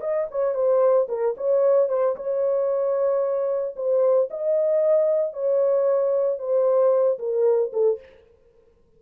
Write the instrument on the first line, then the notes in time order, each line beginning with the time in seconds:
horn
0.00 D#5
0.30 C#5
0.54 C5
1.08 A#4
1.37 C#5
1.88 C5
2.16 C#5
3.76 C5
4.30 D#5
5.33 C#5
6.38 C5
7.18 A#4
7.72 A4